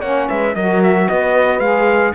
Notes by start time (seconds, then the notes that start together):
0.00 A#3 C#4 C#5 F#5
0.29 G#3 B4 E5
0.55 F#3 F#4 A#4 D#5
0.83 E5
1.08 B3 B4 D#5
1.59 G#3 G#4 F5